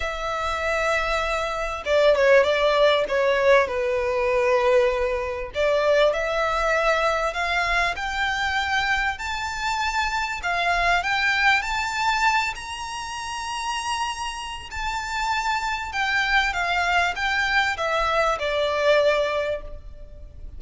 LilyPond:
\new Staff \with { instrumentName = "violin" } { \time 4/4 \tempo 4 = 98 e''2. d''8 cis''8 | d''4 cis''4 b'2~ | b'4 d''4 e''2 | f''4 g''2 a''4~ |
a''4 f''4 g''4 a''4~ | a''8 ais''2.~ ais''8 | a''2 g''4 f''4 | g''4 e''4 d''2 | }